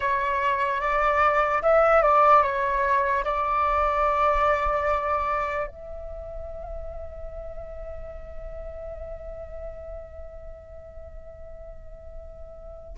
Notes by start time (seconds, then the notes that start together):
0.00 C#5
0.80 D5
1.62 E5
2.02 D5
2.43 C#5
3.24 D5
5.67 E5